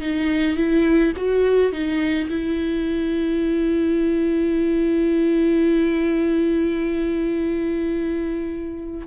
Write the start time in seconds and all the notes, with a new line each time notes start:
0.00 D#4
0.56 E4
1.16 F#4
1.72 D#4
2.30 E4